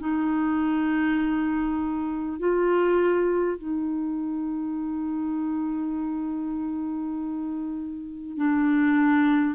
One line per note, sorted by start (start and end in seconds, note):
0.00 2.39 D#4
2.39 3.58 F4
3.58 8.37 D#4
8.37 9.56 D4